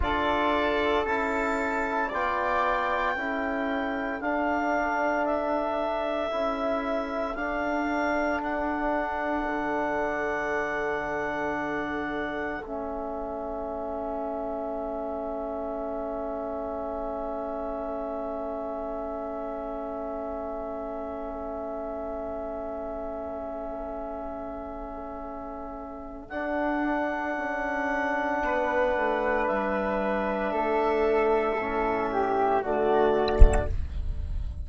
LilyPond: <<
  \new Staff \with { instrumentName = "clarinet" } { \time 4/4 \tempo 4 = 57 d''4 a''4 g''2 | f''4 e''2 f''4 | fis''1 | e''1~ |
e''1~ | e''1~ | e''4 fis''2. | e''2. d''4 | }
  \new Staff \with { instrumentName = "flute" } { \time 4/4 a'2 d''4 a'4~ | a'1~ | a'1~ | a'1~ |
a'1~ | a'1~ | a'2. b'4~ | b'4 a'4. g'8 fis'4 | }
  \new Staff \with { instrumentName = "trombone" } { \time 4/4 f'4 e'4 f'4 e'4 | d'2 e'4 d'4~ | d'1 | cis'1~ |
cis'1~ | cis'1~ | cis'4 d'2.~ | d'2 cis'4 a4 | }
  \new Staff \with { instrumentName = "bassoon" } { \time 4/4 d'4 cis'4 b4 cis'4 | d'2 cis'4 d'4~ | d'4 d2. | a1~ |
a1~ | a1~ | a4 d'4 cis'4 b8 a8 | g4 a4 a,4 d4 | }
>>